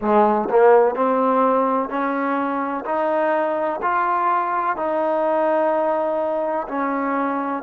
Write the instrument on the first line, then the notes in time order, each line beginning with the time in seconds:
trombone
0.01 G#3
0.50 A#3
0.95 C4
1.89 C#4
2.85 D#4
3.82 F4
4.76 D#4
6.68 C#4